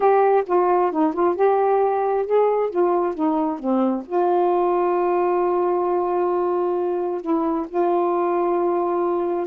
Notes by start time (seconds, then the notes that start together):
0.00 G4
0.46 F4
0.91 D#4
1.13 F4
1.35 G4
2.26 G#4
2.70 F4
3.14 D#4
3.59 C4
4.05 F4
7.21 E4
7.68 F4